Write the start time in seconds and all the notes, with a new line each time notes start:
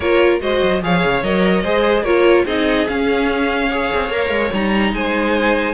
0.00 A#3 F4 A#4 C#5
0.40 G#3 F#4 C5 D#5
0.62 F#3
0.82 F3 G#4 C#5 F5
1.04 C#3
1.22 F#3 A#4 D#5
1.62 G#3 G#4 C5
2.03 A#3 F4 A#4 C#5
2.44 C4 D#4 G#4 D#5
2.88 C#4 F5
3.68 G#4 C#5
3.93 C4
4.09 A#3 A#4
4.30 G#3
4.52 G3 D#4 A#5
4.92 G#3 C5 G#5